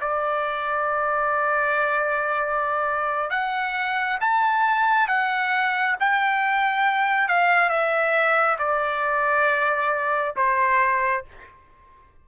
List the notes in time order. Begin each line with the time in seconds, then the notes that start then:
0.00 D5
3.30 F#5
4.20 A5
5.07 F#5
6.00 G5
7.28 F5
7.69 E5
8.58 D5
10.36 C5